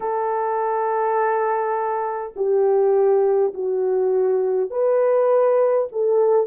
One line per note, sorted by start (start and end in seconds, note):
0.00 2.33 A4
2.35 3.53 G4
3.53 4.70 F#4
4.70 5.88 B4
5.91 6.47 A4